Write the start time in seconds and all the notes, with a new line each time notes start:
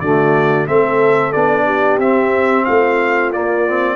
0.00 D3 A3 F#4 D5
0.67 A3 C4 A4 E5
1.32 B3 D4 D5
1.65 G4
1.98 C4 E5
2.64 A3 F4 F5
3.32 A#3 D5
3.67 C4